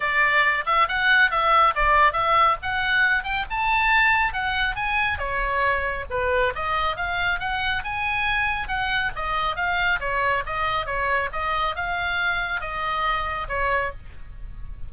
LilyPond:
\new Staff \with { instrumentName = "oboe" } { \time 4/4 \tempo 4 = 138 d''4. e''8 fis''4 e''4 | d''4 e''4 fis''4. g''8 | a''2 fis''4 gis''4 | cis''2 b'4 dis''4 |
f''4 fis''4 gis''2 | fis''4 dis''4 f''4 cis''4 | dis''4 cis''4 dis''4 f''4~ | f''4 dis''2 cis''4 | }